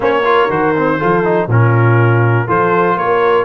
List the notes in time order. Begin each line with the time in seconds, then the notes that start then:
0.00 A#3 C#4 C5 C#5
0.24 F4 A#4
0.49 D#3 F#4 C5
0.75 C4
0.97 F3 F4 A4
1.23 D#4
1.47 A#2 C#4 F4 A#4
2.47 F3 F4 A4 C5
2.96 A#3 A#4 C#5